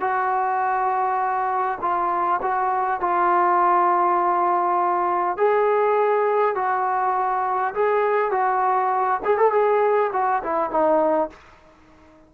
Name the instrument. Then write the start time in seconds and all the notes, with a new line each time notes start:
trombone
0.00 F#4
1.81 F4
2.42 F#4
3.00 F4
5.37 G#4
6.55 F#4
7.74 G#4
8.31 F#4
9.25 G#4
9.38 A4
9.51 G#4
10.13 F#4
10.43 E4
10.70 D#4